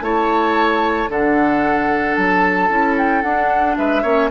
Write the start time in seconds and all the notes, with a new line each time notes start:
0.00 A3 E4 C#5 A5
1.09 D3 D4 A4 F#5
2.15 F#3 A5
2.69 C#4 E4
2.97 G5
3.22 D4 F#5
3.77 G#3 B4 E5
4.02 A#3 C#4 C#5